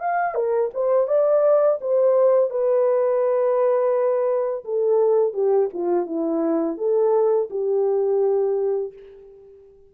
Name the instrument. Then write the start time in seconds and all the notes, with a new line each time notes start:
horn
0.00 F5
0.34 A#4
0.74 C5
1.07 D5
1.81 C5
2.50 B4
4.65 A4
5.34 G4
5.73 F4
6.06 E4
6.78 A4
7.50 G4